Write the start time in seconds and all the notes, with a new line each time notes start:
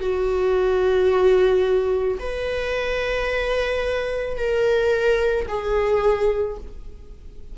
0.00 F#4
2.19 B4
4.37 A#4
5.48 G#4